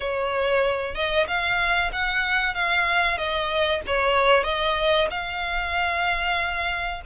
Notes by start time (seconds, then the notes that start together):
0.00 C#5
0.94 D#5
1.27 F5
1.92 F#5
2.54 F5
3.17 D#5
3.86 C#5
4.43 D#5
5.10 F5